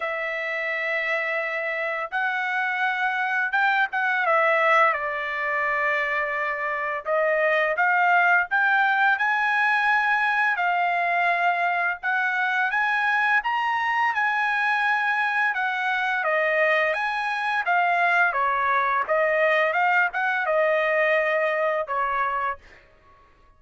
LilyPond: \new Staff \with { instrumentName = "trumpet" } { \time 4/4 \tempo 4 = 85 e''2. fis''4~ | fis''4 g''8 fis''8 e''4 d''4~ | d''2 dis''4 f''4 | g''4 gis''2 f''4~ |
f''4 fis''4 gis''4 ais''4 | gis''2 fis''4 dis''4 | gis''4 f''4 cis''4 dis''4 | f''8 fis''8 dis''2 cis''4 | }